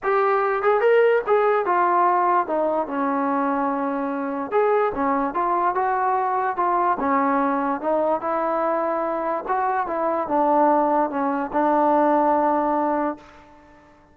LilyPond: \new Staff \with { instrumentName = "trombone" } { \time 4/4 \tempo 4 = 146 g'4. gis'8 ais'4 gis'4 | f'2 dis'4 cis'4~ | cis'2. gis'4 | cis'4 f'4 fis'2 |
f'4 cis'2 dis'4 | e'2. fis'4 | e'4 d'2 cis'4 | d'1 | }